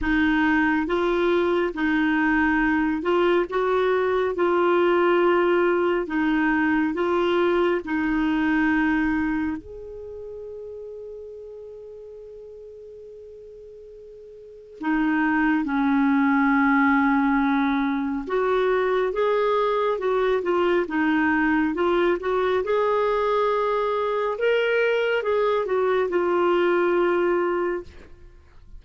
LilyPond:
\new Staff \with { instrumentName = "clarinet" } { \time 4/4 \tempo 4 = 69 dis'4 f'4 dis'4. f'8 | fis'4 f'2 dis'4 | f'4 dis'2 gis'4~ | gis'1~ |
gis'4 dis'4 cis'2~ | cis'4 fis'4 gis'4 fis'8 f'8 | dis'4 f'8 fis'8 gis'2 | ais'4 gis'8 fis'8 f'2 | }